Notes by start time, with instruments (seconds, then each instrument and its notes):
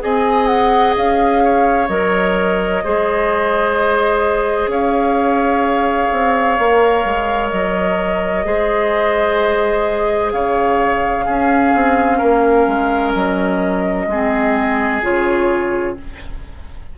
0.00 bassoon C4, clarinet G#4, oboe D#5, flute G#5
0.47 flute F#5
0.96 bassoon C#4, flute F5
1.44 oboe C#5
1.89 bassoon F#3, clarinet A#4, flute D#5
2.84 bassoon G#3, clarinet G#4, oboe C5
4.67 bassoon C#4, oboe C#5, flute F5
6.12 bassoon C4
6.59 bassoon A#3, clarinet A#4
7.05 bassoon G#3
7.50 bassoon F#3, flute D#5
8.45 bassoon G#3, clarinet G#4, oboe C5
10.32 bassoon C#3, oboe C#5, flute F5
11.25 bassoon C#4, clarinet C#4, oboe G#4
11.75 bassoon C4
12.18 bassoon A#3, oboe A#4
12.67 bassoon G#3
13.14 bassoon F#3, flute D#5
14.07 bassoon G#3, clarinet C4, oboe G#4
15.02 bassoon C#3, clarinet F4, flute C#5